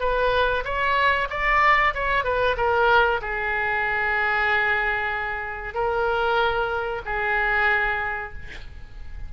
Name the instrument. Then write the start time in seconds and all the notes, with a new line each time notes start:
oboe
0.00 B4
0.65 C#5
1.30 D5
1.94 C#5
2.25 B4
2.57 A#4
3.22 G#4
5.74 A#4
7.05 G#4